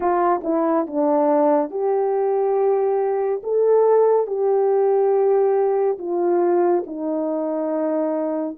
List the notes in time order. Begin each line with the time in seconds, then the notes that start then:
0.00 F4
0.43 E4
0.86 D4
1.70 G4
3.43 A4
4.26 G4
5.98 F4
6.86 D#4